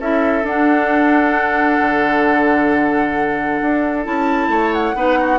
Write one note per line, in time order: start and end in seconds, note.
0.00 0.44 C#4
0.00 0.44 E4
0.00 4.51 A4
0.00 0.46 E5
0.44 4.04 D4
0.44 1.79 D4
0.44 4.06 F#5
1.81 3.61 D3
3.62 4.07 D4
4.04 4.48 C#4
4.04 4.95 E4
4.04 4.73 A5
4.48 4.93 A3
4.48 4.96 C#5
4.73 5.39 F#5
4.95 5.39 B3
4.95 5.39 D#4
4.95 5.19 B4
5.21 5.39 F#4